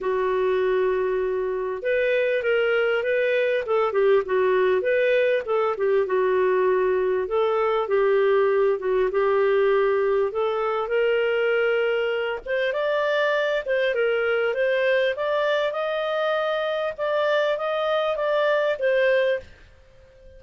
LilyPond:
\new Staff \with { instrumentName = "clarinet" } { \time 4/4 \tempo 4 = 99 fis'2. b'4 | ais'4 b'4 a'8 g'8 fis'4 | b'4 a'8 g'8 fis'2 | a'4 g'4. fis'8 g'4~ |
g'4 a'4 ais'2~ | ais'8 c''8 d''4. c''8 ais'4 | c''4 d''4 dis''2 | d''4 dis''4 d''4 c''4 | }